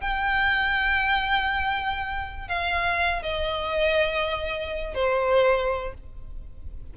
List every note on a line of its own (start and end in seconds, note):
0.00 2.48 G5
2.48 3.22 F5
3.22 4.94 D#5
4.94 5.93 C5